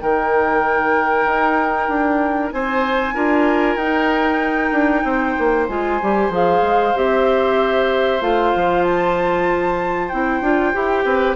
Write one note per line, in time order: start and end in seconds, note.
0.00 1.26 D#3
0.00 3.16 D#4
0.00 2.54 A#4
0.00 2.52 G5
1.26 1.88 D#4
1.88 2.52 D4
2.52 3.15 C4
2.52 3.14 C5
2.52 3.77 G#5
3.14 3.76 D4
3.14 3.79 F4
3.14 5.04 A#4
3.76 4.71 D#4
3.76 5.67 G5
3.82 5.69 D#4
4.72 5.03 D4
5.04 5.36 C4
5.04 11.05 C5
5.38 5.69 A#3
5.69 6.01 G#3
5.69 6.00 F4
5.69 6.32 G#5
6.02 6.30 G3
6.02 6.32 G4
6.30 6.61 F3
6.30 6.95 G#4
6.30 6.97 F5
6.62 6.94 G#3
6.95 8.21 C4
6.95 8.21 G4
6.95 8.22 E5
8.21 8.53 A3
8.21 10.10 F4
8.21 8.83 F5
8.56 10.13 F3
8.83 10.09 A5
10.09 10.41 C4
10.09 10.42 E4
10.09 11.35 G5
10.41 10.73 D4
10.41 10.74 F4
10.74 11.05 E4
10.74 11.36 G4
11.05 11.36 C4
11.05 11.36 B4